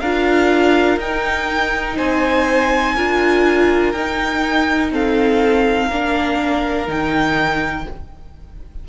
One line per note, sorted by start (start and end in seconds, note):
0.00 0.97 D4
0.00 1.00 F4
0.00 1.96 A#4
0.00 0.98 F5
0.97 1.95 D#4
0.97 2.97 D#4
0.97 1.98 G5
1.96 2.96 C4
1.96 2.95 C5
1.96 3.92 G#5
2.95 3.94 D4
2.95 3.95 F4
2.95 4.92 A#4
3.92 5.90 D#4
3.92 4.91 D#4
3.92 4.90 G5
4.91 5.90 C4
4.91 5.86 A4
4.91 6.90 F5
5.86 6.87 A#3
5.86 6.87 D4
5.86 7.83 A#4
6.87 7.86 D#3
6.87 7.85 D#4
6.87 7.88 G5